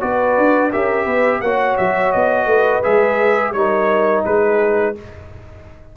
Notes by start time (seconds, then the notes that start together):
0.00 B3 F#4 B4 D5
0.37 D4
0.72 C#4 G4 A#4 E5
1.05 B3 B4
1.41 A#3 F#4 C#5 F#5
1.77 F#3 E5
2.12 B3 D#5
2.46 A3 B4
2.83 G#3 G#4 E5
3.52 G3 D#4 A#4 C#5
4.25 G#3 G#4 B4